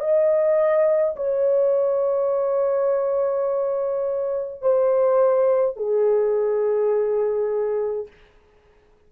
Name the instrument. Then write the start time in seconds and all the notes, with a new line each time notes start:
horn
0.00 D#5
1.16 C#5
4.62 C5
5.76 G#4